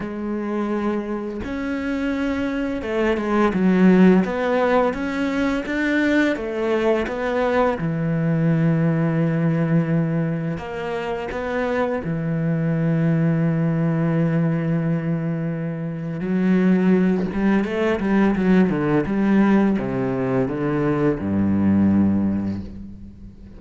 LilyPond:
\new Staff \with { instrumentName = "cello" } { \time 4/4 \tempo 4 = 85 gis2 cis'2 | a8 gis8 fis4 b4 cis'4 | d'4 a4 b4 e4~ | e2. ais4 |
b4 e2.~ | e2. fis4~ | fis8 g8 a8 g8 fis8 d8 g4 | c4 d4 g,2 | }